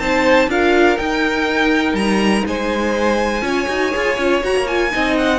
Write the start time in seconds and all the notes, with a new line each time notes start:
0.00 C4 D#4 C5 A5
0.48 D4 F4 A#4 F5
0.98 D#4 G5
1.94 G3 A#5
2.46 G#3 C5 G#5
3.42 C#4 F4 C#5
3.69 D#4 F#4
3.92 F4 G#4
4.18 C#4 F4
4.42 F#4 A#5
4.56 A#3
4.68 F4 G#5
4.90 C4 D#4 D#5
5.17 F#5